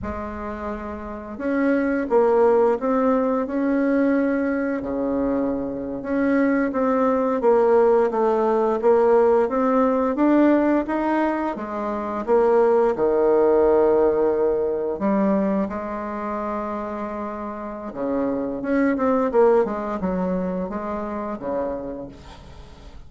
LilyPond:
\new Staff \with { instrumentName = "bassoon" } { \time 4/4 \tempo 4 = 87 gis2 cis'4 ais4 | c'4 cis'2 cis4~ | cis8. cis'4 c'4 ais4 a16~ | a8. ais4 c'4 d'4 dis'16~ |
dis'8. gis4 ais4 dis4~ dis16~ | dis4.~ dis16 g4 gis4~ gis16~ | gis2 cis4 cis'8 c'8 | ais8 gis8 fis4 gis4 cis4 | }